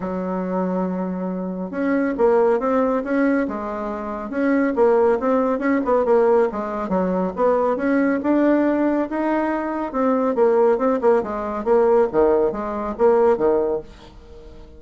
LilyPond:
\new Staff \with { instrumentName = "bassoon" } { \time 4/4 \tempo 4 = 139 fis1 | cis'4 ais4 c'4 cis'4 | gis2 cis'4 ais4 | c'4 cis'8 b8 ais4 gis4 |
fis4 b4 cis'4 d'4~ | d'4 dis'2 c'4 | ais4 c'8 ais8 gis4 ais4 | dis4 gis4 ais4 dis4 | }